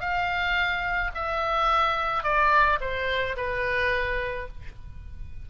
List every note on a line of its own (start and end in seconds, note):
0.00 1.11 F5
1.15 2.23 E5
2.23 2.79 D5
2.81 3.36 C5
3.37 4.48 B4